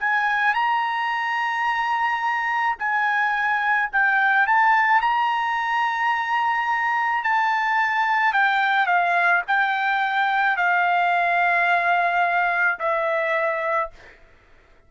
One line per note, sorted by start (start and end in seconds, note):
0.00 0.55 G#5
0.55 2.77 A#5
2.79 3.90 G#5
3.93 4.47 G5
4.47 5.02 A5
5.02 7.24 A#5
7.24 8.34 A5
8.34 8.87 G5
8.87 9.42 F5
9.47 10.57 G5
10.57 12.79 F5
12.80 13.91 E5